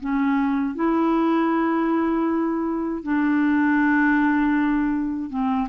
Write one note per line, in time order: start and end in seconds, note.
0.00 0.75 C#4
0.75 3.03 E4
3.03 5.30 D4
5.30 5.68 C4